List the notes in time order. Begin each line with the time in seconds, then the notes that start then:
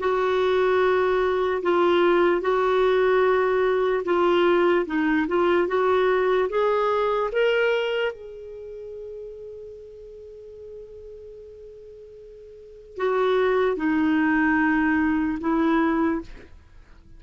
0.00 F#4
1.63 F4
2.41 F#4
4.05 F4
4.86 D#4
5.28 F4
5.68 F#4
6.50 G#4
7.32 A#4
8.12 G#4
12.97 F#4
13.77 D#4
15.41 E4